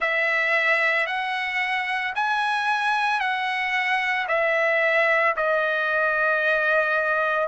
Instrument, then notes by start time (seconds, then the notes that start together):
trumpet
0.00 E5
1.06 F#5
2.15 G#5
3.19 F#5
4.28 E5
5.36 D#5